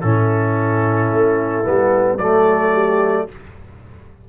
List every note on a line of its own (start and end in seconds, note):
0.00 1.11 A2
0.00 1.64 C#4
0.00 2.20 E4
0.00 2.17 A4
1.11 1.66 A3
1.64 2.17 G3
1.64 2.18 B3
2.17 3.26 F#3
2.17 3.29 A3
2.17 2.73 A4
2.17 3.27 D5
2.73 3.27 G4